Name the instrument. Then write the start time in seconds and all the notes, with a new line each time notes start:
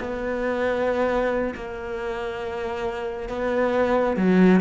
cello
0.00 B3
1.55 A#3
3.29 B3
4.17 F#3